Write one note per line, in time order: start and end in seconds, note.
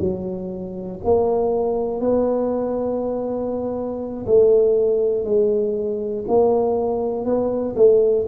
0.00 1.00 F#3
1.05 2.01 A#3
2.01 4.26 B3
4.27 5.25 A3
5.25 6.25 G#3
6.29 7.26 A#3
7.26 7.76 B3
7.76 8.26 A3